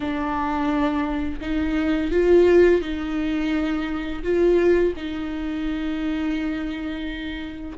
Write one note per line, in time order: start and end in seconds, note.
0.00 1.39 D4
1.41 2.11 D#4
2.11 2.81 F4
2.81 4.23 D#4
4.23 4.93 F4
4.96 7.78 D#4